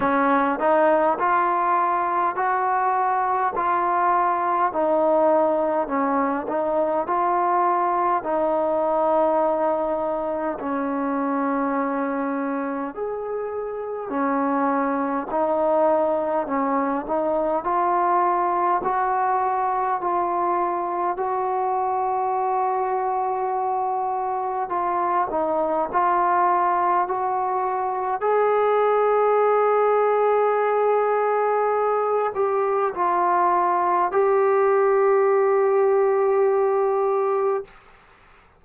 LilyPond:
\new Staff \with { instrumentName = "trombone" } { \time 4/4 \tempo 4 = 51 cis'8 dis'8 f'4 fis'4 f'4 | dis'4 cis'8 dis'8 f'4 dis'4~ | dis'4 cis'2 gis'4 | cis'4 dis'4 cis'8 dis'8 f'4 |
fis'4 f'4 fis'2~ | fis'4 f'8 dis'8 f'4 fis'4 | gis'2.~ gis'8 g'8 | f'4 g'2. | }